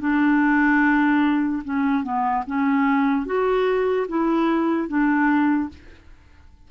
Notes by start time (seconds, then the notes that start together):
0.00 D4
1.64 C#4
2.03 B3
2.46 C#4
3.26 F#4
4.08 E4
4.88 D4